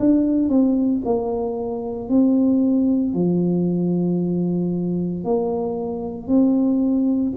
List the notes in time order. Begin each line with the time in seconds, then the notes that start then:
0.00 D4
0.49 C4
1.05 A#3
2.09 C4
3.14 F3
5.24 A#3
6.27 C4